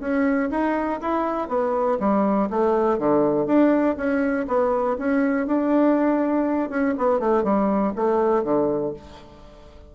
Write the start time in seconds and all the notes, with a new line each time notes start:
0.00 C#4
0.50 D#4
1.01 E4
1.48 B3
1.99 G3
2.50 A3
2.98 D3
3.46 D4
3.97 C#4
4.47 B3
4.98 C#4
5.47 D4
6.69 C#4
6.97 B3
7.19 A3
7.43 G3
7.95 A3
8.43 D3